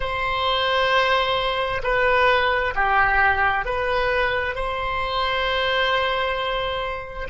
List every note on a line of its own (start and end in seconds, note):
0.00 1.81 C5
1.83 2.74 B4
2.75 3.65 G4
3.65 4.55 B4
4.55 7.27 C5